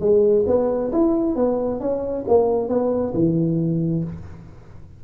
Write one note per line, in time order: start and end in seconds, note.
0.00 0.45 G#3
0.46 0.91 B3
0.92 1.36 E4
1.36 1.80 B3
1.80 2.25 C#4
2.28 2.68 A#3
2.68 3.13 B3
3.14 4.04 E3